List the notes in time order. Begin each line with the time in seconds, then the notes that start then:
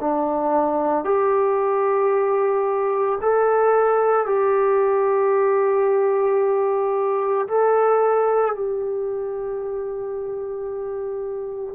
0.00 D4
1.04 G4
3.21 A4
4.26 G4
7.48 A4
8.55 G4